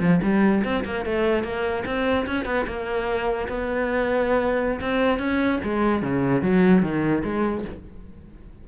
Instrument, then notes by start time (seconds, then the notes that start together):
cello
0.00 F3
0.23 G3
0.64 C4
0.85 A#3
1.05 A3
1.44 A#3
1.86 C4
2.26 C#4
2.45 B3
2.67 A#3
3.48 B3
4.81 C4
5.19 C#4
5.64 G#3
6.02 C#3
6.42 F#3
6.83 D#3
7.24 G#3